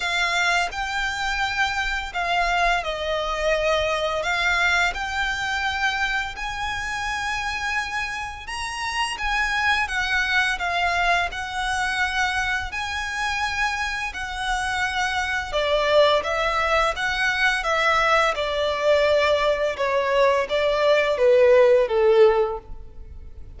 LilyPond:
\new Staff \with { instrumentName = "violin" } { \time 4/4 \tempo 4 = 85 f''4 g''2 f''4 | dis''2 f''4 g''4~ | g''4 gis''2. | ais''4 gis''4 fis''4 f''4 |
fis''2 gis''2 | fis''2 d''4 e''4 | fis''4 e''4 d''2 | cis''4 d''4 b'4 a'4 | }